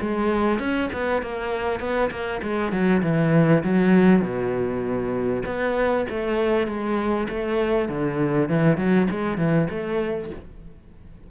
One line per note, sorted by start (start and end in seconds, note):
0.00 0.59 G#3
0.59 0.89 C#4
0.93 1.22 B3
1.22 1.80 A#3
1.80 2.10 B3
2.10 2.41 A#3
2.42 2.72 G#3
2.72 3.02 F#3
3.02 3.63 E3
3.63 4.21 F#3
4.21 5.42 B2
5.45 6.06 B3
6.09 6.67 A3
6.67 7.28 G#3
7.29 7.89 A3
7.89 8.48 D3
8.48 8.77 E3
8.77 9.07 F#3
9.10 9.37 G#3
9.37 9.68 E3
9.70 10.30 A3